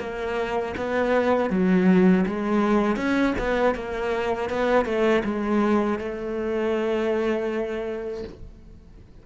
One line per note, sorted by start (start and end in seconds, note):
0.00 0.75 A#3
0.77 1.50 B3
1.50 2.25 F#3
2.27 2.97 G#3
2.97 3.34 C#4
3.39 3.75 B3
3.75 4.50 A#3
4.50 4.85 B3
4.85 5.23 A3
5.25 5.99 G#3
5.99 8.24 A3